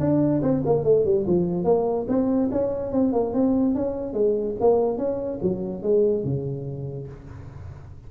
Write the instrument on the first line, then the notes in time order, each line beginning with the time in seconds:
tuba
0.00 D4
0.42 C4
0.66 A#3
0.84 A3
1.05 G3
1.27 F3
1.65 A#3
2.09 C4
2.52 C#4
2.92 C4
3.13 A#3
3.34 C4
3.75 C#4
4.14 G#3
4.61 A#3
4.98 C#4
5.43 F#3
5.83 G#3
6.25 C#3